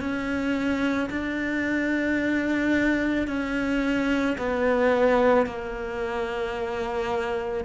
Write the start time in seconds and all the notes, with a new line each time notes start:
0.00 C#4
1.10 D4
3.27 C#4
4.37 B3
5.46 A#3